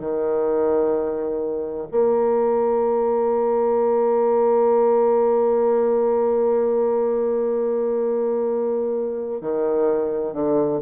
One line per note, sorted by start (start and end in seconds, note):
0.00 1.87 D#3
1.91 9.41 A#3
9.41 10.33 D#3
10.33 10.79 D3